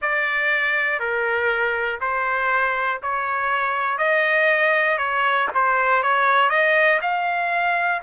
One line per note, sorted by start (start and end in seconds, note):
0.01 0.99 D5
0.99 1.99 A#4
2.00 3.00 C5
3.02 3.98 C#5
3.98 4.98 D#5
4.98 5.48 C#5
5.54 6.03 C5
6.03 6.49 C#5
6.49 6.99 D#5
7.01 8.01 F5